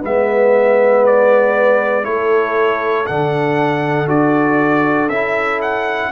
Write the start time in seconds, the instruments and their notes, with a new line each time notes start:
0.00 tuba G#3, trombone B3, horn B4, trumpet E5
1.05 trumpet D5
2.03 tuba A3, trombone E4, horn A4, trumpet C#5
3.06 tuba D3, trombone D4, trumpet F#5
4.07 tuba D4, trombone F#4, trumpet D5
5.08 tuba C#4, trombone E4, trumpet E5
5.61 trumpet F#5